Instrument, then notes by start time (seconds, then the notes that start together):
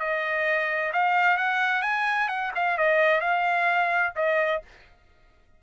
trumpet
0.00 D#5
0.93 F5
1.37 F#5
1.82 G#5
2.29 F#5
2.55 F5
2.78 D#5
3.21 F5
4.16 D#5